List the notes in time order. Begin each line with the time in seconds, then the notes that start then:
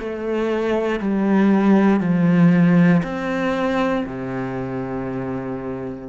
0.00 A3
1.00 G3
2.01 F3
3.03 C4
4.06 C3